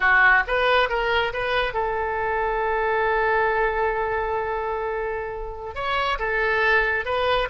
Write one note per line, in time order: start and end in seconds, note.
0.00 0.43 F#4
0.47 0.89 B4
0.89 1.32 A#4
1.33 1.73 B4
1.73 5.74 A4
5.74 6.18 C#5
6.18 7.05 A4
7.05 7.48 B4